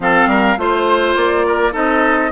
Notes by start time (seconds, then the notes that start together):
0.00 F3 C4 A4 F5
0.26 G3 A#4
0.57 A3 F4 C5
1.15 A#3 D5
1.46 A#4
1.72 C4 D#4 A4 D#5